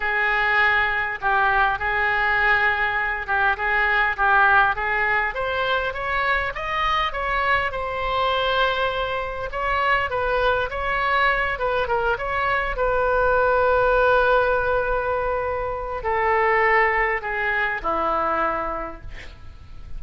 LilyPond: \new Staff \with { instrumentName = "oboe" } { \time 4/4 \tempo 4 = 101 gis'2 g'4 gis'4~ | gis'4. g'8 gis'4 g'4 | gis'4 c''4 cis''4 dis''4 | cis''4 c''2. |
cis''4 b'4 cis''4. b'8 | ais'8 cis''4 b'2~ b'8~ | b'2. a'4~ | a'4 gis'4 e'2 | }